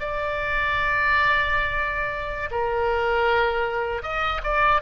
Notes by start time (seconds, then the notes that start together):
0.00 D5
2.51 A#4
4.02 D#5
4.43 D5